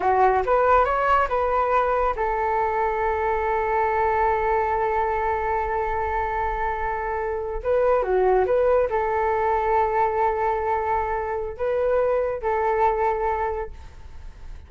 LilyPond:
\new Staff \with { instrumentName = "flute" } { \time 4/4 \tempo 4 = 140 fis'4 b'4 cis''4 b'4~ | b'4 a'2.~ | a'1~ | a'1~ |
a'4.~ a'16 b'4 fis'4 b'16~ | b'8. a'2.~ a'16~ | a'2. b'4~ | b'4 a'2. | }